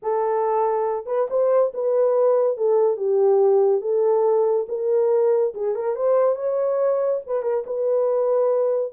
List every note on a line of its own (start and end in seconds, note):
0.02 1.06 A4
1.06 1.27 B4
1.30 1.72 C5
1.74 2.57 B4
2.57 2.96 A4
2.96 3.81 G4
3.81 4.66 A4
4.68 5.53 A#4
5.54 5.75 G#4
5.75 5.95 A#4
5.95 6.35 C5
6.35 7.20 C#5
7.26 7.42 B4
7.42 7.63 A#4
7.66 8.92 B4